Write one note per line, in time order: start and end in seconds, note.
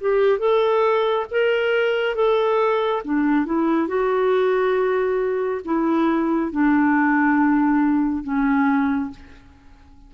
0.00 0.39 G4
0.39 1.26 A4
1.30 2.15 A#4
2.15 3.02 A4
3.04 3.45 D4
3.45 3.87 E4
3.87 5.61 F#4
5.65 6.51 E4
6.51 8.23 D4
8.23 9.10 C#4